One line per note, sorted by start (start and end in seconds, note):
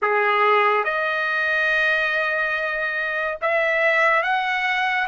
0.02 0.84 G#4
0.84 3.38 D#5
3.41 4.23 E5
4.23 5.07 F#5